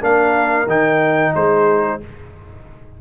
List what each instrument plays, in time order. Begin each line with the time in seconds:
0.00 tuba A#3, trombone D4, horn A#4, trumpet F5
0.67 tuba D#3, trombone D#4, trumpet G5
1.35 tuba G#3, horn G#4, trumpet C5